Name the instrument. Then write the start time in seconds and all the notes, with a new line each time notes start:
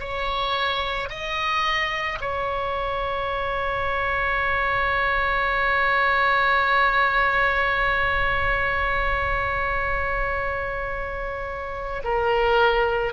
oboe
0.00 C#5
1.10 D#5
2.21 C#5
12.04 A#4